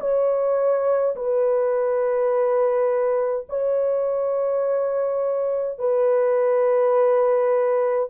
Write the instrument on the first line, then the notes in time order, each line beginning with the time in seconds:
horn
0.00 C#5
1.15 B4
3.49 C#5
5.78 B4